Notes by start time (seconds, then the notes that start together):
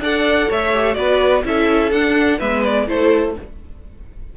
0.00 D4 A4 D5 F#5
0.49 A3 C#5 E5
0.74 G4
0.95 B3 F#4 B4 D5
1.45 C#4 E4 A4 E5
1.92 D4 F#5
2.39 G#3 B3 B4 E5
2.65 D5
2.87 A3 E4 A4 C5